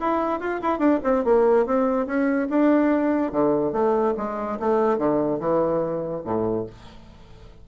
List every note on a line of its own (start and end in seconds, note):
0.00 0.40 E4
0.40 0.60 F4
0.62 0.79 E4
0.79 1.00 D4
1.03 1.24 C4
1.24 1.66 A#3
1.66 2.06 C4
2.06 2.48 C#4
2.49 3.32 D4
3.32 3.72 D3
3.72 4.14 A3
4.17 4.59 G#3
4.59 4.98 A3
4.98 5.40 D3
5.40 6.23 E3
6.24 6.66 A2